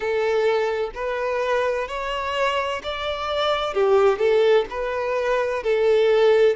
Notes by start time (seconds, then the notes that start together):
0.00 A4
0.94 B4
1.87 C#5
2.83 D5
3.74 G4
4.18 A4
4.70 B4
5.63 A4